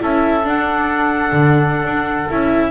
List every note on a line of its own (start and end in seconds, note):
0.00 0.45 C#4
0.00 0.43 E4
0.00 2.71 A4
0.00 0.48 E5
0.44 2.28 D4
0.44 1.32 D4
0.44 2.31 F#5
1.33 1.85 D3
1.85 2.28 D4
2.31 2.71 C#4
2.31 2.71 E4
2.31 2.71 E5